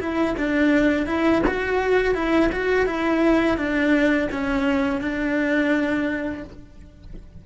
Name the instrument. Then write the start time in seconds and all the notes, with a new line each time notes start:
cello
0.00 E4
0.38 D4
1.07 E4
1.47 F#4
2.15 E4
2.52 F#4
2.86 E4
3.57 D4
4.32 C#4
5.01 D4